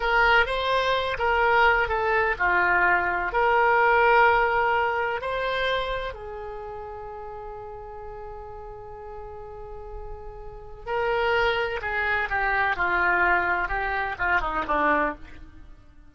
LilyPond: \new Staff \with { instrumentName = "oboe" } { \time 4/4 \tempo 4 = 127 ais'4 c''4. ais'4. | a'4 f'2 ais'4~ | ais'2. c''4~ | c''4 gis'2.~ |
gis'1~ | gis'2. ais'4~ | ais'4 gis'4 g'4 f'4~ | f'4 g'4 f'8 dis'8 d'4 | }